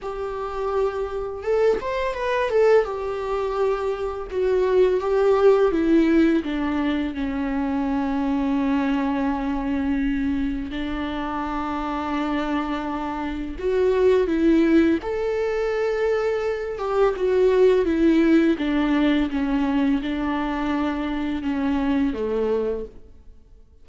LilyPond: \new Staff \with { instrumentName = "viola" } { \time 4/4 \tempo 4 = 84 g'2 a'8 c''8 b'8 a'8 | g'2 fis'4 g'4 | e'4 d'4 cis'2~ | cis'2. d'4~ |
d'2. fis'4 | e'4 a'2~ a'8 g'8 | fis'4 e'4 d'4 cis'4 | d'2 cis'4 a4 | }